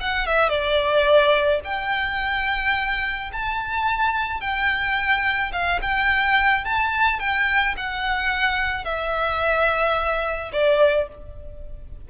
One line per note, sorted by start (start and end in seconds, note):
0.00 0.26 F#5
0.26 0.49 E5
0.49 1.60 D5
1.64 3.31 G5
3.33 4.41 A5
4.41 5.52 G5
5.52 5.80 F5
5.82 6.65 G5
6.65 7.19 A5
7.19 7.75 G5
7.77 8.85 F#5
8.85 10.51 E5
10.52 11.08 D5